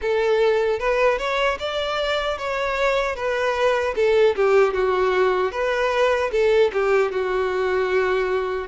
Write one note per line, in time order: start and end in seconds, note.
0.01 0.79 A4
0.79 1.18 B4
1.18 1.58 C#5
1.59 2.38 D5
2.38 3.15 C#5
3.15 3.94 B4
3.95 4.35 A4
4.35 4.73 G4
4.73 5.51 F#4
5.51 6.30 B4
6.31 6.71 A4
6.72 7.11 G4
7.11 8.67 F#4